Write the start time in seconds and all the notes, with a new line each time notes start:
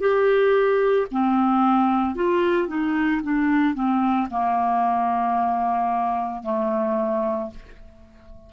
0.00 G4
1.11 C4
2.15 F4
2.68 D#4
3.23 D4
3.75 C4
4.30 A#3
6.43 A3